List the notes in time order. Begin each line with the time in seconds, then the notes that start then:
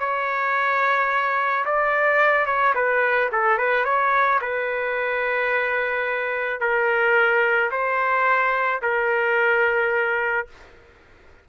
0.00 C#5
1.66 D5
2.46 C#5
2.75 B4
3.32 A4
3.59 B4
3.85 C#5
4.42 B4
6.61 A#4
7.72 C5
8.82 A#4